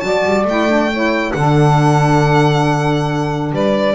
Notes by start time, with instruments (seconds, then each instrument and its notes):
0.00 double bass F#3, saxophone F#4 D5, violin A5
0.25 double bass G3
0.44 double bass A3, saxophone E4, violin G5
0.68 saxophone D4
0.92 saxophone E4 C#5
1.32 double bass D3, saxophone D4 A4, violin F#5
3.52 double bass G3, saxophone B4, violin D5